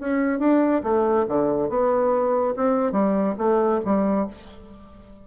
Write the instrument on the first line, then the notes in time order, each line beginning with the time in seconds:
bassoon
0.00 C#4
0.40 D4
0.84 A3
1.29 D3
1.70 B3
2.57 C4
2.92 G3
3.38 A3
3.85 G3